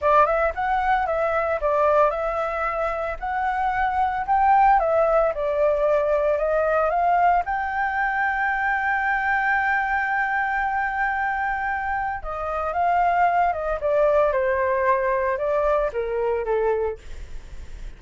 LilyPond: \new Staff \with { instrumentName = "flute" } { \time 4/4 \tempo 4 = 113 d''8 e''8 fis''4 e''4 d''4 | e''2 fis''2 | g''4 e''4 d''2 | dis''4 f''4 g''2~ |
g''1~ | g''2. dis''4 | f''4. dis''8 d''4 c''4~ | c''4 d''4 ais'4 a'4 | }